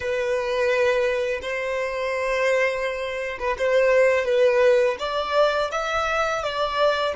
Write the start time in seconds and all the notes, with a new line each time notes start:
0.00 B4
1.42 C5
3.39 B4
3.58 C5
4.25 B4
4.99 D5
5.71 E5
6.43 D5